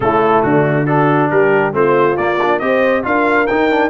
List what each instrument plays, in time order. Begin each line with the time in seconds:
0.00 tuba C#3, trombone A3, horn E4, trumpet A4
0.42 tuba D3, horn D4, trumpet F#4
0.86 trombone D4, horn F#4, trumpet A4
1.30 tuba G3, horn G4, trumpet A#4
1.72 tuba A3, trombone C4, horn F4, trumpet C5
2.16 tuba A#3, trombone A#3, trumpet D5
2.41 trombone D4
2.59 tuba C4, trombone G4, horn C5, trumpet D#5
3.03 tuba D4, trombone F4, horn A#4, trumpet F5
3.46 trombone D#4, tuba D#4, trumpet G5
3.70 trombone D4